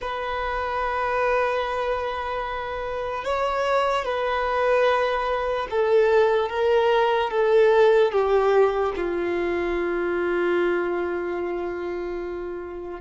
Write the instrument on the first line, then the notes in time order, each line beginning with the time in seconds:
violin
0.01 B4
3.24 C#5
4.05 B4
5.70 A4
6.49 A#4
7.30 A4
8.12 G4
8.96 F4